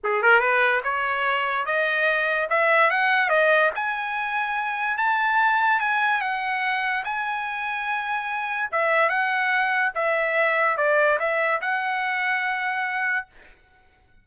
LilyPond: \new Staff \with { instrumentName = "trumpet" } { \time 4/4 \tempo 4 = 145 gis'8 ais'8 b'4 cis''2 | dis''2 e''4 fis''4 | dis''4 gis''2. | a''2 gis''4 fis''4~ |
fis''4 gis''2.~ | gis''4 e''4 fis''2 | e''2 d''4 e''4 | fis''1 | }